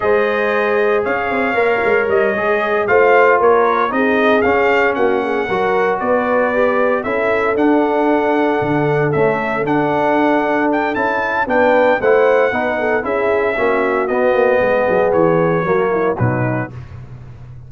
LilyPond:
<<
  \new Staff \with { instrumentName = "trumpet" } { \time 4/4 \tempo 4 = 115 dis''2 f''2 | dis''4. f''4 cis''4 dis''8~ | dis''8 f''4 fis''2 d''8~ | d''4. e''4 fis''4.~ |
fis''4. e''4 fis''4.~ | fis''8 g''8 a''4 g''4 fis''4~ | fis''4 e''2 dis''4~ | dis''4 cis''2 b'4 | }
  \new Staff \with { instrumentName = "horn" } { \time 4/4 c''2 cis''2~ | cis''4. c''4 ais'4 gis'8~ | gis'4. fis'8 gis'8 ais'4 b'8~ | b'4. a'2~ a'8~ |
a'1~ | a'2 b'4 c''4 | b'8 a'8 gis'4 fis'2 | gis'2 fis'8 e'8 dis'4 | }
  \new Staff \with { instrumentName = "trombone" } { \time 4/4 gis'2. ais'4~ | ais'8 gis'4 f'2 dis'8~ | dis'8 cis'2 fis'4.~ | fis'8 g'4 e'4 d'4.~ |
d'4. a4 d'4.~ | d'4 e'4 d'4 e'4 | dis'4 e'4 cis'4 b4~ | b2 ais4 fis4 | }
  \new Staff \with { instrumentName = "tuba" } { \time 4/4 gis2 cis'8 c'8 ais8 gis8 | g8 gis4 a4 ais4 c'8~ | c'8 cis'4 ais4 fis4 b8~ | b4. cis'4 d'4.~ |
d'8 d4 cis'4 d'4.~ | d'4 cis'4 b4 a4 | b4 cis'4 ais4 b8 ais8 | gis8 fis8 e4 fis4 b,4 | }
>>